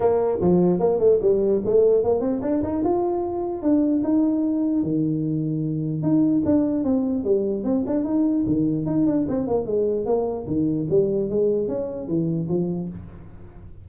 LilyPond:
\new Staff \with { instrumentName = "tuba" } { \time 4/4 \tempo 4 = 149 ais4 f4 ais8 a8 g4 | a4 ais8 c'8 d'8 dis'8 f'4~ | f'4 d'4 dis'2 | dis2. dis'4 |
d'4 c'4 g4 c'8 d'8 | dis'4 dis4 dis'8 d'8 c'8 ais8 | gis4 ais4 dis4 g4 | gis4 cis'4 e4 f4 | }